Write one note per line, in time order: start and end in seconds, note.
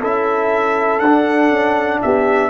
0.00 0.99 C#4
0.00 1.00 E4
0.00 2.00 A4
0.00 0.99 E5
0.99 1.49 D4
0.99 1.99 F#5
1.05 2.49 D4
1.50 2.00 C#4
2.01 2.49 B3
2.01 2.49 G4
2.01 2.49 E5